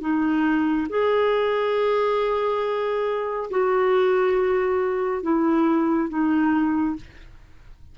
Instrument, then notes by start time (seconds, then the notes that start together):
clarinet
0.00 D#4
0.89 G#4
3.50 F#4
5.23 E4
6.09 D#4